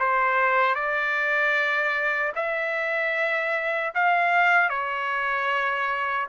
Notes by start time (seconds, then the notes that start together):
0.00 C5
0.75 D5
2.36 E5
3.95 F5
4.70 C#5